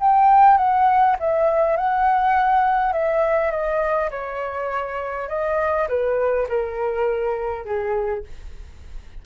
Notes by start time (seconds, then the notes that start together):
0.00 G5
0.57 F#5
1.20 E5
1.77 F#5
2.93 E5
3.51 D#5
4.11 C#5
5.29 D#5
5.89 B4
6.49 A#4
7.65 G#4